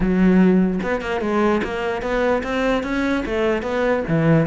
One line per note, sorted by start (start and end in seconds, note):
0.00 0.79 F#3
0.82 1.01 B3
1.01 1.21 A#3
1.21 1.61 G#3
1.63 2.01 A#3
2.01 2.42 B3
2.43 2.83 C4
2.83 3.23 C#4
3.25 3.62 A3
3.62 4.03 B3
4.08 4.47 E3